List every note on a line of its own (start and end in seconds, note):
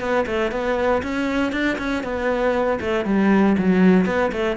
0.00 0.25 B3
0.26 0.51 A3
0.51 1.02 B3
1.03 1.52 C#4
1.52 1.77 D4
1.78 2.03 C#4
2.03 2.79 B3
2.81 3.05 A3
3.05 3.56 G3
3.58 4.06 F#3
4.06 4.31 B3
4.32 4.56 A3